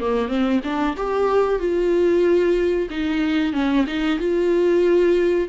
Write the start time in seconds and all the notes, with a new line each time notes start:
0.00 A#3
0.28 C4
0.64 D4
0.96 G4
1.59 F4
2.90 D#4
3.53 C#4
3.87 D#4
4.19 F4